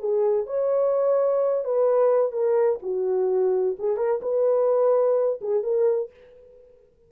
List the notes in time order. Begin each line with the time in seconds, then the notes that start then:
0.00 G#4
0.47 C#5
1.65 B4
2.33 A#4
2.83 F#4
3.79 G#4
3.97 A#4
4.22 B4
5.42 G#4
5.64 A#4